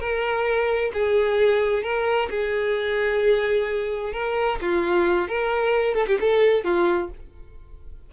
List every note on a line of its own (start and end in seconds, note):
0.00 0.92 A#4
0.93 1.83 G#4
1.83 2.29 A#4
2.30 4.13 G#4
4.13 4.59 A#4
4.61 5.28 F4
5.28 5.95 A#4
5.95 6.06 A4
6.07 6.19 G4
6.20 6.64 A4
6.64 7.10 F4